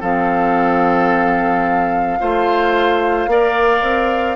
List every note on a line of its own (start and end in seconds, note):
0.00 2.20 F3
0.00 2.19 C4
0.00 2.18 A4
0.00 4.36 F5
2.20 3.27 A3
2.20 3.29 F4
2.20 3.29 C5
3.27 3.81 A#3
3.27 4.36 A#4
3.27 4.36 D5
3.82 4.36 C4